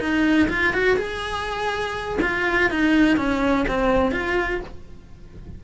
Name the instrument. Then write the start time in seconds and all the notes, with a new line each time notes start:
cello
0.00 D#4
0.49 F4
0.74 F#4
0.97 G#4
2.22 F4
2.71 D#4
3.17 C#4
3.68 C4
4.12 F4